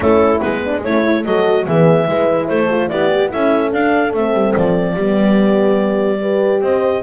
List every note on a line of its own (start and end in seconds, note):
0.00 0.39 A3
0.00 0.39 C#4
0.00 0.64 E4
0.00 0.40 A4
0.40 0.84 G#3
0.40 0.82 B3
0.40 0.81 B4
0.64 0.85 D4
0.84 1.25 A3
0.84 1.03 C#4
0.84 1.25 E4
0.84 1.25 C#5
1.03 1.24 E4
1.25 1.66 F#3
1.25 1.66 F#4
1.25 1.66 A4
1.25 1.66 D#5
1.66 2.07 E3
1.66 2.06 B3
1.66 2.07 G#4
1.66 2.47 E5
2.06 2.49 G#3
2.06 2.68 E4
2.06 2.48 B4
2.47 2.91 A3
2.47 2.89 A4
2.47 2.88 C5
2.69 2.89 F4
2.88 3.32 B3
2.88 3.10 E4
2.88 3.31 G4
2.88 3.30 D5
3.10 3.28 G4
3.28 3.73 C#4
3.28 3.70 E4
3.28 4.94 A4
3.28 3.72 E5
3.72 4.13 D4
3.72 4.13 F5
4.13 4.33 A3
4.13 4.98 C4
4.13 4.55 E5
4.33 4.54 G3
4.55 4.95 F3
4.55 6.62 D5
4.94 6.61 G3
4.94 6.20 B3
4.94 6.18 G4
6.20 7.03 G4
6.20 6.62 B4
6.61 7.02 C4
6.61 7.03 C5
6.61 7.03 D#5